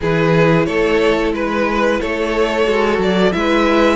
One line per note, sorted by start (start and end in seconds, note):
0.00 0.67 E3
0.00 2.64 E4
0.00 0.66 G#4
0.00 0.65 B4
0.65 1.32 A3
0.65 1.33 A4
0.65 1.32 C#5
1.32 1.99 G#3
1.32 2.00 B4
2.00 2.67 A3
2.00 3.34 A4
2.00 3.00 C#5
2.64 2.98 G#3
2.64 3.31 F#4
2.98 3.32 F#3
2.98 3.32 D5
3.32 3.96 G#3
3.32 3.96 E4
3.32 3.96 B4
3.32 3.96 E5